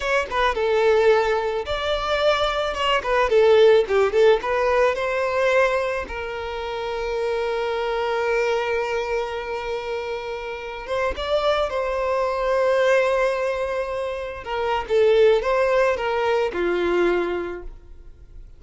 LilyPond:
\new Staff \with { instrumentName = "violin" } { \time 4/4 \tempo 4 = 109 cis''8 b'8 a'2 d''4~ | d''4 cis''8 b'8 a'4 g'8 a'8 | b'4 c''2 ais'4~ | ais'1~ |
ais'2.~ ais'8. c''16~ | c''16 d''4 c''2~ c''8.~ | c''2~ c''16 ais'8. a'4 | c''4 ais'4 f'2 | }